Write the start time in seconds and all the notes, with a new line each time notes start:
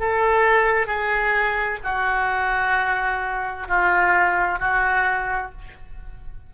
0.00 A4
0.87 G#4
1.85 F#4
3.68 F4
4.60 F#4